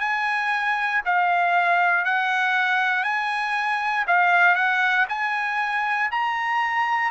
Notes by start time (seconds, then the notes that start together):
0.00 G#5
1.05 F5
2.05 F#5
3.04 G#5
4.07 F5
4.55 F#5
5.09 G#5
6.12 A#5